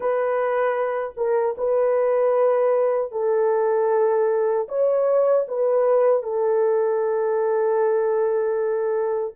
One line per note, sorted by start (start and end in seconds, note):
0.00 1.14 B4
1.17 1.55 A#4
1.57 3.11 B4
3.11 4.67 A4
4.68 5.46 C#5
5.48 6.22 B4
6.22 9.34 A4